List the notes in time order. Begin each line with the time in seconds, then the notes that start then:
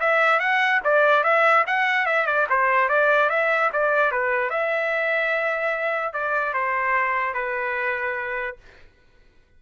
0.00 E5
0.40 F#5
0.84 D5
1.24 E5
1.67 F#5
2.06 E5
2.27 D5
2.50 C5
2.89 D5
3.30 E5
3.73 D5
4.12 B4
4.50 E5
6.14 D5
6.54 C5
7.34 B4